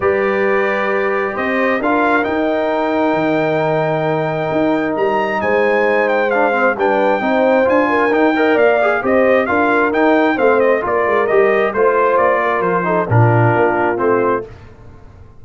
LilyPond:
<<
  \new Staff \with { instrumentName = "trumpet" } { \time 4/4 \tempo 4 = 133 d''2. dis''4 | f''4 g''2.~ | g''2. ais''4 | gis''4. g''8 f''4 g''4~ |
g''4 gis''4 g''4 f''4 | dis''4 f''4 g''4 f''8 dis''8 | d''4 dis''4 c''4 d''4 | c''4 ais'2 c''4 | }
  \new Staff \with { instrumentName = "horn" } { \time 4/4 b'2. c''4 | ais'1~ | ais'1 | c''2. b'4 |
c''4. ais'4 dis''8 d''4 | c''4 ais'2 c''4 | ais'2 c''4. ais'8~ | ais'8 a'8 f'2. | }
  \new Staff \with { instrumentName = "trombone" } { \time 4/4 g'1 | f'4 dis'2.~ | dis'1~ | dis'2 d'8 c'8 d'4 |
dis'4 f'4 dis'8 ais'4 gis'8 | g'4 f'4 dis'4 c'4 | f'4 g'4 f'2~ | f'8 dis'8 d'2 c'4 | }
  \new Staff \with { instrumentName = "tuba" } { \time 4/4 g2. c'4 | d'4 dis'2 dis4~ | dis2 dis'4 g4 | gis2. g4 |
c'4 d'4 dis'4 ais4 | c'4 d'4 dis'4 a4 | ais8 gis8 g4 a4 ais4 | f4 ais,4 ais4 a4 | }
>>